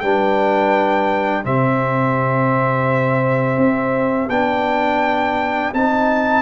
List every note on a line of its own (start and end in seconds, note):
0.00 1.45 G3
0.00 1.43 D4
0.00 1.44 B4
0.00 1.43 G5
1.43 3.57 C3
1.43 4.29 C4
1.43 6.41 G4
1.43 4.29 E5
3.57 4.28 C4
4.28 5.71 B3
4.28 5.73 D4
4.28 5.72 G5
5.73 6.41 C4
5.73 6.41 D#4
5.73 6.41 A5